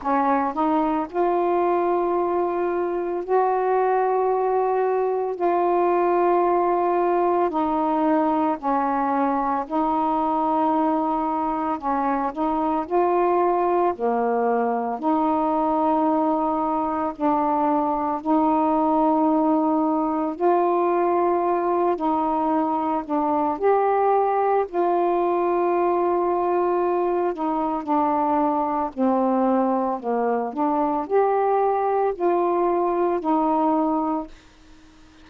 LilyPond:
\new Staff \with { instrumentName = "saxophone" } { \time 4/4 \tempo 4 = 56 cis'8 dis'8 f'2 fis'4~ | fis'4 f'2 dis'4 | cis'4 dis'2 cis'8 dis'8 | f'4 ais4 dis'2 |
d'4 dis'2 f'4~ | f'8 dis'4 d'8 g'4 f'4~ | f'4. dis'8 d'4 c'4 | ais8 d'8 g'4 f'4 dis'4 | }